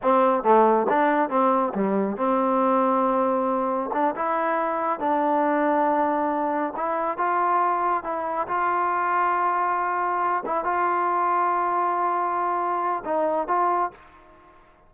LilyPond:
\new Staff \with { instrumentName = "trombone" } { \time 4/4 \tempo 4 = 138 c'4 a4 d'4 c'4 | g4 c'2.~ | c'4 d'8 e'2 d'8~ | d'2.~ d'8 e'8~ |
e'8 f'2 e'4 f'8~ | f'1 | e'8 f'2.~ f'8~ | f'2 dis'4 f'4 | }